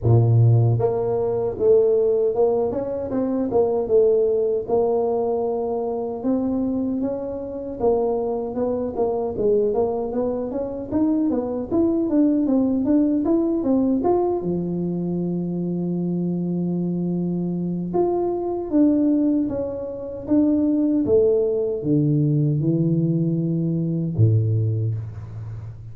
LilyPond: \new Staff \with { instrumentName = "tuba" } { \time 4/4 \tempo 4 = 77 ais,4 ais4 a4 ais8 cis'8 | c'8 ais8 a4 ais2 | c'4 cis'4 ais4 b8 ais8 | gis8 ais8 b8 cis'8 dis'8 b8 e'8 d'8 |
c'8 d'8 e'8 c'8 f'8 f4.~ | f2. f'4 | d'4 cis'4 d'4 a4 | d4 e2 a,4 | }